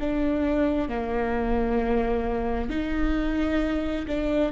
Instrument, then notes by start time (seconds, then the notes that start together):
viola
0.00 D4
0.89 A#3
2.70 D#4
4.07 D4